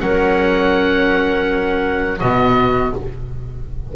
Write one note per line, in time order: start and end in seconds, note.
0.00 2.21 F#3
0.00 2.20 C#4
0.00 2.20 A#4
0.00 2.20 F#5
2.20 2.95 B2
2.20 2.96 B3
2.20 2.93 F#4
2.20 2.93 D#5